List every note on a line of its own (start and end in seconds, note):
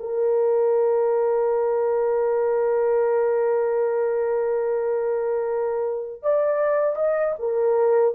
0.00 6.23 A#4
6.23 6.96 D5
6.96 7.35 D#5
7.39 8.15 A#4